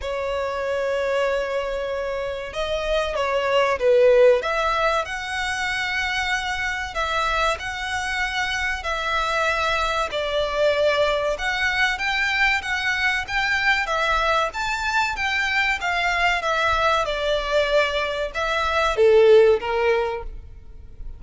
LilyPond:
\new Staff \with { instrumentName = "violin" } { \time 4/4 \tempo 4 = 95 cis''1 | dis''4 cis''4 b'4 e''4 | fis''2. e''4 | fis''2 e''2 |
d''2 fis''4 g''4 | fis''4 g''4 e''4 a''4 | g''4 f''4 e''4 d''4~ | d''4 e''4 a'4 ais'4 | }